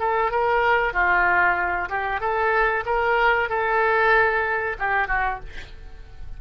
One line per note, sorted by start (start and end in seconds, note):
0.00 0.32 A4
0.32 0.93 A#4
0.93 1.89 F4
1.90 2.21 G4
2.21 2.85 A4
2.86 3.50 A#4
3.50 4.77 A4
4.79 5.08 G4
5.08 5.40 F#4